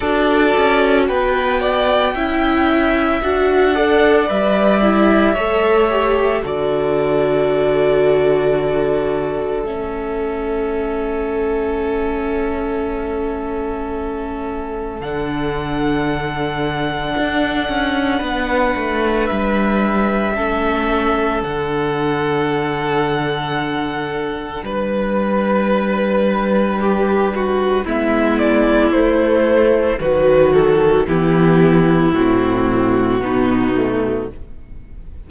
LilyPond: <<
  \new Staff \with { instrumentName = "violin" } { \time 4/4 \tempo 4 = 56 d''4 g''2 fis''4 | e''2 d''2~ | d''4 e''2.~ | e''2 fis''2~ |
fis''2 e''2 | fis''2. b'4~ | b'2 e''8 d''8 c''4 | b'8 a'8 g'4 fis'2 | }
  \new Staff \with { instrumentName = "violin" } { \time 4/4 a'4 b'8 d''8 e''4. d''8~ | d''4 cis''4 a'2~ | a'1~ | a'1~ |
a'4 b'2 a'4~ | a'2. b'4~ | b'4 g'8 fis'8 e'2 | fis'4 e'2 dis'4 | }
  \new Staff \with { instrumentName = "viola" } { \time 4/4 fis'2 e'4 fis'8 a'8 | b'8 e'8 a'8 g'8 fis'2~ | fis'4 cis'2.~ | cis'2 d'2~ |
d'2. cis'4 | d'1~ | d'2 b4 a4 | fis4 b4 c'4 b8 a8 | }
  \new Staff \with { instrumentName = "cello" } { \time 4/4 d'8 cis'8 b4 cis'4 d'4 | g4 a4 d2~ | d4 a2.~ | a2 d2 |
d'8 cis'8 b8 a8 g4 a4 | d2. g4~ | g2 gis4 a4 | dis4 e4 a,4 b,4 | }
>>